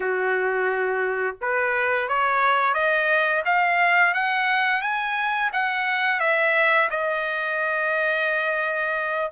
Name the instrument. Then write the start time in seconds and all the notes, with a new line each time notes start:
trumpet
0.00 F#4
1.41 B4
2.08 C#5
2.73 D#5
3.45 F5
4.14 F#5
4.81 G#5
5.53 F#5
6.19 E5
6.90 D#5